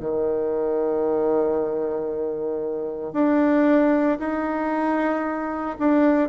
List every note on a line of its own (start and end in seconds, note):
0.00 3.13 D#3
3.13 4.18 D4
4.19 5.77 D#4
5.79 6.29 D4